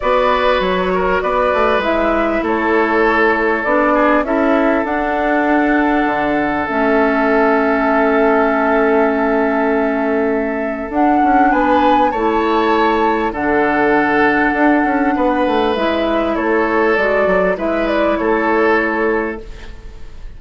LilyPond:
<<
  \new Staff \with { instrumentName = "flute" } { \time 4/4 \tempo 4 = 99 d''4 cis''4 d''4 e''4 | cis''2 d''4 e''4 | fis''2. e''4~ | e''1~ |
e''2 fis''4 gis''4 | a''2 fis''2~ | fis''2 e''4 cis''4 | d''4 e''8 d''8 cis''2 | }
  \new Staff \with { instrumentName = "oboe" } { \time 4/4 b'4. ais'8 b'2 | a'2~ a'8 gis'8 a'4~ | a'1~ | a'1~ |
a'2. b'4 | cis''2 a'2~ | a'4 b'2 a'4~ | a'4 b'4 a'2 | }
  \new Staff \with { instrumentName = "clarinet" } { \time 4/4 fis'2. e'4~ | e'2 d'4 e'4 | d'2. cis'4~ | cis'1~ |
cis'2 d'2 | e'2 d'2~ | d'2 e'2 | fis'4 e'2. | }
  \new Staff \with { instrumentName = "bassoon" } { \time 4/4 b4 fis4 b8 a8 gis4 | a2 b4 cis'4 | d'2 d4 a4~ | a1~ |
a2 d'8 cis'8 b4 | a2 d2 | d'8 cis'8 b8 a8 gis4 a4 | gis8 fis8 gis4 a2 | }
>>